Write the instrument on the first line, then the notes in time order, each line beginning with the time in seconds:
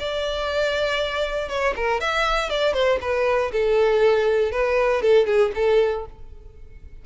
violin
0.00 D5
1.49 C#5
1.76 A#4
2.01 E5
2.50 D5
2.74 C5
3.02 B4
3.53 A4
4.52 B4
5.02 A4
5.27 G#4
5.56 A4